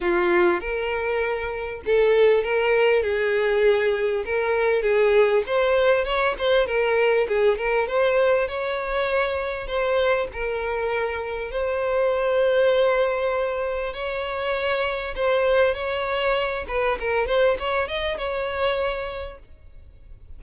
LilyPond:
\new Staff \with { instrumentName = "violin" } { \time 4/4 \tempo 4 = 99 f'4 ais'2 a'4 | ais'4 gis'2 ais'4 | gis'4 c''4 cis''8 c''8 ais'4 | gis'8 ais'8 c''4 cis''2 |
c''4 ais'2 c''4~ | c''2. cis''4~ | cis''4 c''4 cis''4. b'8 | ais'8 c''8 cis''8 dis''8 cis''2 | }